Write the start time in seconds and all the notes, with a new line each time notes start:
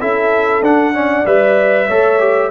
0.00 C#4 E4 A4 E5
0.62 D4 F#5
0.94 C#4 D5
1.26 G3 B4 E5
1.88 A3 A4 C#5
2.19 G4